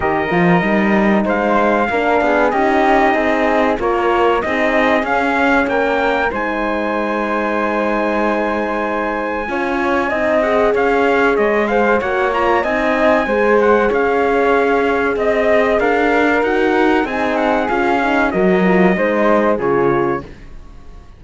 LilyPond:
<<
  \new Staff \with { instrumentName = "trumpet" } { \time 4/4 \tempo 4 = 95 dis''2 f''2 | dis''2 cis''4 dis''4 | f''4 g''4 gis''2~ | gis''1~ |
gis''8 fis''8 f''4 dis''8 f''8 fis''8 ais''8 | gis''4. fis''8 f''2 | dis''4 f''4 fis''4 gis''8 fis''8 | f''4 dis''2 cis''4 | }
  \new Staff \with { instrumentName = "flute" } { \time 4/4 ais'2 c''4 ais'8 gis'8 | g'4 gis'4 ais'4 gis'4~ | gis'4 ais'4 c''2~ | c''2. cis''4 |
dis''4 cis''4. c''8 cis''4 | dis''4 c''4 cis''2 | dis''4 ais'2 gis'4~ | gis'4 ais'4 c''4 gis'4 | }
  \new Staff \with { instrumentName = "horn" } { \time 4/4 g'8 f'8 dis'2 d'4 | dis'2 f'4 dis'4 | cis'2 dis'2~ | dis'2. f'4 |
dis'8 gis'2~ gis'8 fis'8 f'8 | dis'4 gis'2.~ | gis'2 fis'4 dis'4 | f'8 dis'8 fis'8 f'8 dis'4 f'4 | }
  \new Staff \with { instrumentName = "cello" } { \time 4/4 dis8 f8 g4 gis4 ais8 b8 | cis'4 c'4 ais4 c'4 | cis'4 ais4 gis2~ | gis2. cis'4 |
c'4 cis'4 gis4 ais4 | c'4 gis4 cis'2 | c'4 d'4 dis'4 c'4 | cis'4 fis4 gis4 cis4 | }
>>